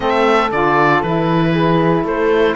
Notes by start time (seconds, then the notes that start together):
0.00 A3 C4 A4 E5
0.51 D3 F4 D5
1.02 E3 E4 B4
1.52 G#4
2.04 A3 A4 C5